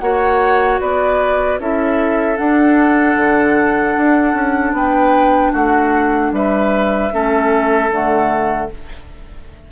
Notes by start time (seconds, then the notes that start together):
0.00 A#3 F#4 C#5 F#5
0.80 B3 B4 D5
1.59 C#4 E4 A4 E5
2.36 D4 F#5
3.16 D3
3.97 D4
4.33 C#4
4.72 B3 B4 G5
5.52 A3 F#4 F#5
6.32 G3 B4 E5
7.12 A3 C#4 A4
7.90 D3 A3 F#5